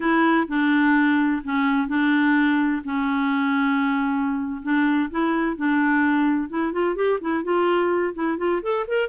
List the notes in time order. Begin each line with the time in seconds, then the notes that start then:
0.00 E4
0.47 D4
1.44 C#4
1.88 D4
2.84 C#4
4.62 D4
5.10 E4
5.56 D4
6.49 E4
6.72 F4
6.95 G4
7.20 E4
7.43 F4
8.14 E4
8.38 F4
8.62 A4
8.87 A#4